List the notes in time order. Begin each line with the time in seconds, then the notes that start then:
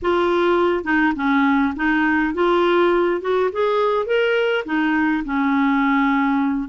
0.02 F4
0.84 D#4
1.15 C#4
1.76 D#4
2.34 F4
3.21 F#4
3.52 G#4
4.06 A#4
4.65 D#4
5.24 C#4